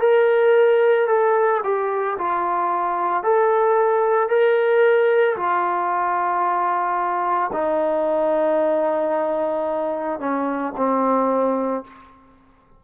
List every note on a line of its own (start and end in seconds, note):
0.00 1.07 A#4
1.07 1.61 A4
1.64 2.17 G4
2.18 3.23 F4
3.23 4.29 A4
4.29 5.36 A#4
5.36 7.50 F4
7.52 10.20 D#4
10.20 10.73 C#4
10.77 11.84 C4